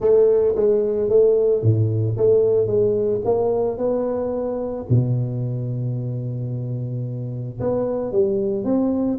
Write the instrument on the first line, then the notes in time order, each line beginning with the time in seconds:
tuba
0.00 A3
0.55 G#3
1.09 A3
1.62 A2
2.17 A3
2.66 G#3
3.24 A#3
3.77 B3
4.89 B2
7.59 B3
8.12 G3
8.64 C4